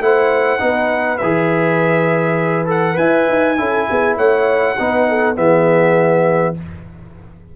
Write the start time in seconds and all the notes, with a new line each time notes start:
0.00 A3 E4 C5 F#5
0.59 B3 D#4 B4
1.18 E3 G#4 E5
2.66 A4 F#5
2.94 E4 B4 E5 G#5
3.29 D#4
3.58 C#4 E4 A4
3.90 B3 G#4
4.17 A3 C#5 F#5
4.80 B3 D#4 B4
5.09 A4
5.36 E3 B3 G#4 E5